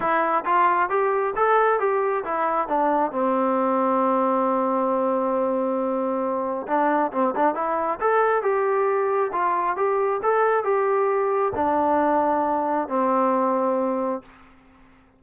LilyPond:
\new Staff \with { instrumentName = "trombone" } { \time 4/4 \tempo 4 = 135 e'4 f'4 g'4 a'4 | g'4 e'4 d'4 c'4~ | c'1~ | c'2. d'4 |
c'8 d'8 e'4 a'4 g'4~ | g'4 f'4 g'4 a'4 | g'2 d'2~ | d'4 c'2. | }